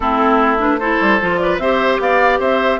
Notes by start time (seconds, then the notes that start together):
0.00 A3 C4 E4 A4
0.59 D4 B4
0.79 E4 A4 C5
1.00 G3
1.20 F3 F4
1.37 B4 D5
1.58 C4 G4 C5 E5
1.99 B3 D5 F5
2.39 C4 C5 E5